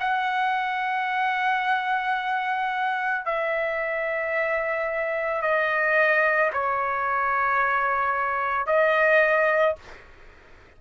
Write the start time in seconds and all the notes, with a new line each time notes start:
0.00 F#5
3.26 E5
5.42 D#5
6.54 C#5
8.67 D#5